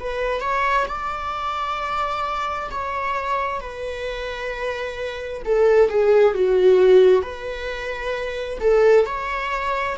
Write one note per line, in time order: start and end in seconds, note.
0.00 0.41 B4
0.41 0.86 C#5
0.88 2.70 D5
2.71 3.61 C#5
3.61 5.43 B4
5.45 5.89 A4
5.89 6.34 G#4
6.34 7.22 F#4
7.22 8.59 B4
8.60 9.06 A4
9.06 9.97 C#5